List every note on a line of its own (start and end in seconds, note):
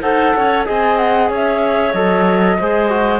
0.00 0.34 D#4
0.00 0.66 A4
0.00 0.34 C5
0.00 0.64 F#5
0.36 0.68 C#4
0.36 0.66 C#5
0.66 1.29 C4
0.66 1.93 G#4
0.66 1.30 D#5
0.66 0.97 G#5
0.97 1.29 F#5
1.29 1.93 C#4
1.29 2.58 C#5
1.29 1.93 E5
1.93 2.57 F#3
1.93 2.58 A4
1.93 3.20 D#5
2.59 3.20 G#3
2.59 2.89 G#4
2.59 3.20 C5
2.89 3.20 F#4